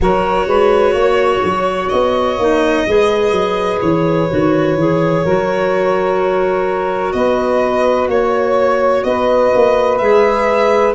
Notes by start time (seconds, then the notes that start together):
0.00 F#3 F#4 A#4 C#5
0.46 G#3 B4
0.93 A#3 C#5
1.43 F#3
1.88 B3 D#5
2.38 A#3 D#4
2.86 G#3 G#4 B4
3.31 F#3
3.81 E3 C#5
4.30 D#3 F#4
4.76 E3 G#4
5.23 F#3 F#4 A#4
7.12 B3 B4 D#5
8.07 A#3 C#5
9.03 B3 B4 D#5
9.55 A#3
9.97 G#3 G#4 E5